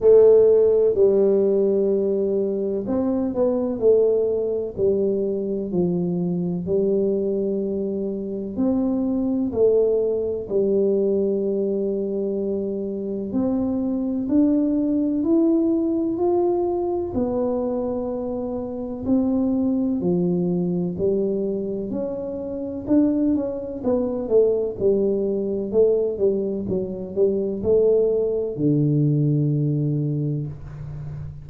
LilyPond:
\new Staff \with { instrumentName = "tuba" } { \time 4/4 \tempo 4 = 63 a4 g2 c'8 b8 | a4 g4 f4 g4~ | g4 c'4 a4 g4~ | g2 c'4 d'4 |
e'4 f'4 b2 | c'4 f4 g4 cis'4 | d'8 cis'8 b8 a8 g4 a8 g8 | fis8 g8 a4 d2 | }